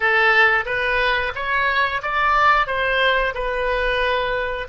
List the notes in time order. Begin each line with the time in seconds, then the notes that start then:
0.00 A4
0.65 B4
1.35 C#5
2.02 D5
2.66 C5
3.34 B4